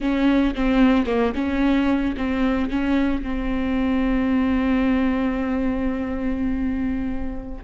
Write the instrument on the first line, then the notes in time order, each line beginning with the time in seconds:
viola
0.00 C#4
0.55 C4
1.05 A#3
1.34 C#4
2.16 C4
2.70 C#4
3.22 C4